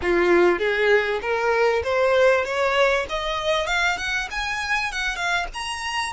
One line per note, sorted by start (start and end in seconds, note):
0.01 0.58 F4
0.58 1.19 G#4
1.21 1.83 A#4
1.83 2.44 C5
2.44 3.06 C#5
3.09 3.67 D#5
3.67 3.97 F5
3.97 4.28 F#5
4.30 4.91 G#5
4.91 5.15 F#5
5.15 5.46 F5
5.53 6.12 A#5